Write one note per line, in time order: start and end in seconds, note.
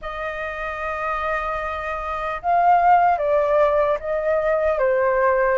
0.01 2.41 D#5
2.42 3.18 F5
3.18 3.98 D5
3.99 4.78 D#5
4.78 5.58 C5